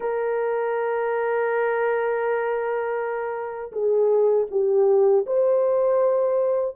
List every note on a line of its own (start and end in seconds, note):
0.00 3.71 A#4
3.71 4.46 G#4
4.50 5.25 G4
5.26 6.76 C5